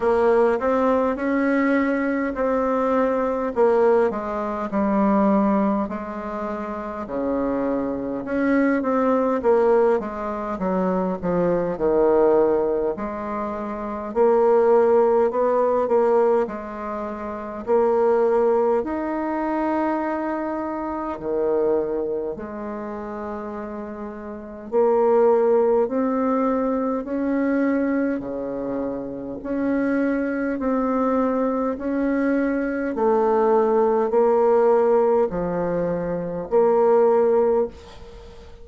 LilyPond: \new Staff \with { instrumentName = "bassoon" } { \time 4/4 \tempo 4 = 51 ais8 c'8 cis'4 c'4 ais8 gis8 | g4 gis4 cis4 cis'8 c'8 | ais8 gis8 fis8 f8 dis4 gis4 | ais4 b8 ais8 gis4 ais4 |
dis'2 dis4 gis4~ | gis4 ais4 c'4 cis'4 | cis4 cis'4 c'4 cis'4 | a4 ais4 f4 ais4 | }